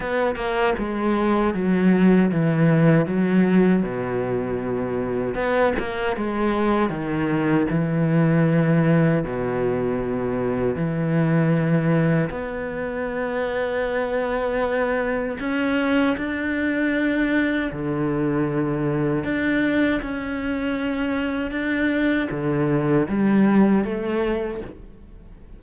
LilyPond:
\new Staff \with { instrumentName = "cello" } { \time 4/4 \tempo 4 = 78 b8 ais8 gis4 fis4 e4 | fis4 b,2 b8 ais8 | gis4 dis4 e2 | b,2 e2 |
b1 | cis'4 d'2 d4~ | d4 d'4 cis'2 | d'4 d4 g4 a4 | }